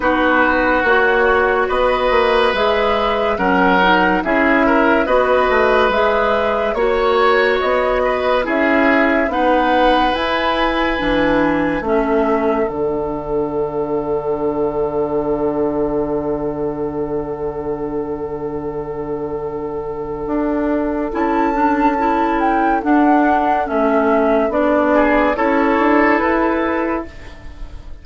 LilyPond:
<<
  \new Staff \with { instrumentName = "flute" } { \time 4/4 \tempo 4 = 71 b'4 cis''4 dis''4 e''4 | fis''4 e''4 dis''4 e''4 | cis''4 dis''4 e''4 fis''4 | gis''2 e''4 fis''4~ |
fis''1~ | fis''1~ | fis''4 a''4. g''8 fis''4 | e''4 d''4 cis''4 b'4 | }
  \new Staff \with { instrumentName = "oboe" } { \time 4/4 fis'2 b'2 | ais'4 gis'8 ais'8 b'2 | cis''4. b'8 gis'4 b'4~ | b'2 a'2~ |
a'1~ | a'1~ | a'1~ | a'4. gis'8 a'2 | }
  \new Staff \with { instrumentName = "clarinet" } { \time 4/4 dis'4 fis'2 gis'4 | cis'8 dis'8 e'4 fis'4 gis'4 | fis'2 e'4 dis'4 | e'4 d'4 cis'4 d'4~ |
d'1~ | d'1~ | d'4 e'8 d'8 e'4 d'4 | cis'4 d'4 e'2 | }
  \new Staff \with { instrumentName = "bassoon" } { \time 4/4 b4 ais4 b8 ais8 gis4 | fis4 cis'4 b8 a8 gis4 | ais4 b4 cis'4 b4 | e'4 e4 a4 d4~ |
d1~ | d1 | d'4 cis'2 d'4 | a4 b4 cis'8 d'8 e'4 | }
>>